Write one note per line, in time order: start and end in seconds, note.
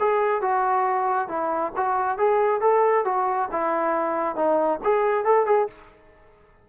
0.00 0.42 G#4
0.42 1.29 F#4
1.29 1.73 E4
1.77 2.18 F#4
2.18 2.61 G#4
2.61 3.05 A4
3.05 3.49 F#4
3.52 4.36 E4
4.36 4.80 D#4
4.84 5.25 G#4
5.25 5.46 A4
5.46 5.68 G#4